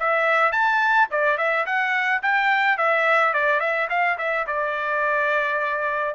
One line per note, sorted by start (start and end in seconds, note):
0.00 0.52 E5
0.52 1.08 A5
1.11 1.38 D5
1.38 1.66 E5
1.66 2.22 F#5
2.23 2.78 G5
2.78 3.34 E5
3.34 3.60 D5
3.60 3.88 E5
3.90 4.18 F5
4.19 4.47 E5
4.47 6.15 D5